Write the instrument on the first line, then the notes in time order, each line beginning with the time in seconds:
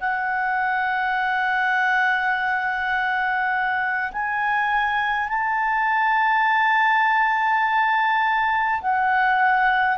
clarinet
0.00 F#5
4.12 G#5
5.28 A5
8.81 F#5